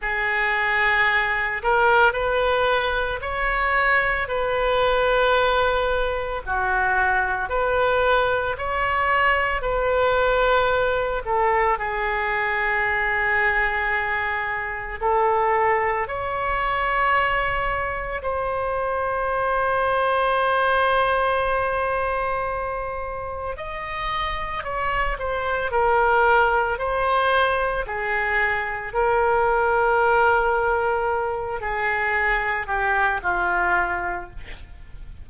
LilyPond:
\new Staff \with { instrumentName = "oboe" } { \time 4/4 \tempo 4 = 56 gis'4. ais'8 b'4 cis''4 | b'2 fis'4 b'4 | cis''4 b'4. a'8 gis'4~ | gis'2 a'4 cis''4~ |
cis''4 c''2.~ | c''2 dis''4 cis''8 c''8 | ais'4 c''4 gis'4 ais'4~ | ais'4. gis'4 g'8 f'4 | }